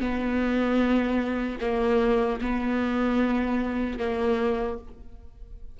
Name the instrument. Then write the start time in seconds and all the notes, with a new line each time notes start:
viola
0.00 B3
1.61 A#3
2.41 B3
3.99 A#3